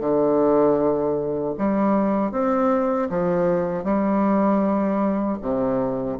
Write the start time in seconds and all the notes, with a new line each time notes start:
0.00 D3
1.58 G3
2.31 C4
3.09 F3
3.84 G3
5.41 C3